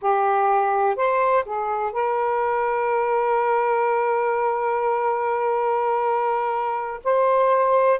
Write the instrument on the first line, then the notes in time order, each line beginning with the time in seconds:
saxophone
0.01 G4
0.95 C5
1.45 G#4
1.92 A#4
7.03 C5